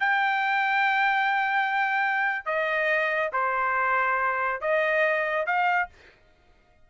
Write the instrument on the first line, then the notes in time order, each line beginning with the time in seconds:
trumpet
0.00 G5
2.46 D#5
3.33 C5
4.61 D#5
5.46 F5